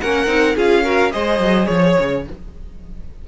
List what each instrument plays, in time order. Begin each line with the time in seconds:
0.00 cello A#3, viola C#4, violin A#4 F#5
0.27 cello C4, viola D#4
0.56 cello C#4, viola F4, violin G#4 F5
0.84 viola F#4, violin A#4
1.11 cello G#3, viola G#4, violin C5 D#5
1.39 cello F#3
1.66 cello F3, violin C#5
1.98 cello C#3